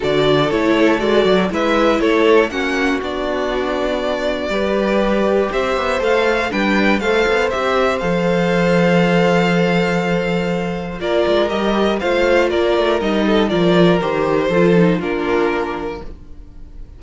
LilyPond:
<<
  \new Staff \with { instrumentName = "violin" } { \time 4/4 \tempo 4 = 120 d''4 cis''4 d''4 e''4 | cis''4 fis''4 d''2~ | d''2. e''4 | f''4 g''4 f''4 e''4 |
f''1~ | f''2 d''4 dis''4 | f''4 d''4 dis''4 d''4 | c''2 ais'2 | }
  \new Staff \with { instrumentName = "violin" } { \time 4/4 a'2. b'4 | a'4 fis'2.~ | fis'4 b'2 c''4~ | c''4 b'4 c''2~ |
c''1~ | c''2 ais'2 | c''4 ais'4. a'8 ais'4~ | ais'4 a'4 f'2 | }
  \new Staff \with { instrumentName = "viola" } { \time 4/4 fis'4 e'4 fis'4 e'4~ | e'4 cis'4 d'2~ | d'4 g'2. | a'4 d'4 a'4 g'4 |
a'1~ | a'2 f'4 g'4 | f'2 dis'4 f'4 | g'4 f'8 dis'8 d'2 | }
  \new Staff \with { instrumentName = "cello" } { \time 4/4 d4 a4 gis8 fis8 gis4 | a4 ais4 b2~ | b4 g2 c'8 b8 | a4 g4 a8 b8 c'4 |
f1~ | f2 ais8 gis8 g4 | a4 ais8 a8 g4 f4 | dis4 f4 ais2 | }
>>